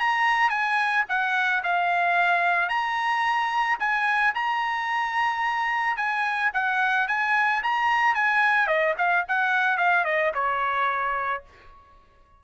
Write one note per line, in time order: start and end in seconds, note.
0.00 0.50 A#5
0.50 1.04 G#5
1.09 1.63 F#5
1.64 2.69 F5
2.69 3.78 A#5
3.80 4.34 G#5
4.35 5.97 A#5
5.97 6.51 G#5
6.54 7.08 F#5
7.08 7.63 G#5
7.63 8.15 A#5
8.15 8.67 G#5
8.67 8.94 D#5
8.98 9.25 F5
9.28 9.77 F#5
9.77 10.05 F5
10.05 10.32 D#5
10.34 11.43 C#5